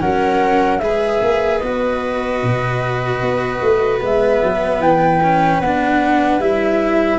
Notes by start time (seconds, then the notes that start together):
0.00 F#3 C#4 A#4 F#5
0.79 G#3 G#4 B4 E5
1.22 A#3
1.58 B3 F#4 D#5
2.43 B2
3.21 B3
3.61 A3
4.01 G#3 B3 E5
4.43 F#3
4.79 E3 G5
5.23 C#4
5.60 B3 D4 F#5
6.39 G3 E4 E5